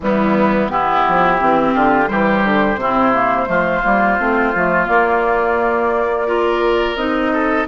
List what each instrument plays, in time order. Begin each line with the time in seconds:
0.00 bassoon E3, clarinet G3, oboe B3, flute E4
0.69 clarinet B3, oboe E4, flute G4
1.08 bassoon F3
1.40 bassoon E3, clarinet C4
1.74 bassoon D3, oboe F4
2.06 bassoon E3, clarinet G3, oboe G4, flute C5
2.43 bassoon D3
2.76 bassoon C3, clarinet C4, oboe E4
3.13 clarinet A#3
3.46 bassoon F3, clarinet A3, oboe F4
3.83 bassoon G3, clarinet A#3
4.19 bassoon A3, clarinet C4
4.54 bassoon F3, clarinet A3
4.86 clarinet A#3, bassoon A#3, flute D5
6.26 clarinet F4, oboe A#4
6.95 bassoon C4, clarinet D#4, flute D#5
7.32 oboe A4